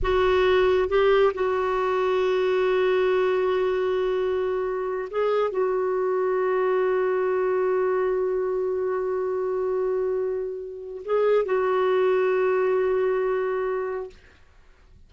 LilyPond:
\new Staff \with { instrumentName = "clarinet" } { \time 4/4 \tempo 4 = 136 fis'2 g'4 fis'4~ | fis'1~ | fis'2.~ fis'8 gis'8~ | gis'8 fis'2.~ fis'8~ |
fis'1~ | fis'1~ | fis'4 gis'4 fis'2~ | fis'1 | }